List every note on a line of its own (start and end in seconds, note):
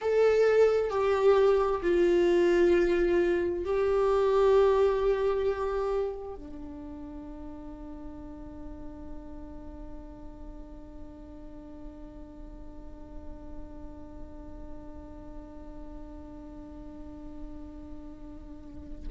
0.01 0.90 A4
0.90 1.81 G4
1.82 3.64 F4
3.64 6.35 G4
6.35 19.07 D4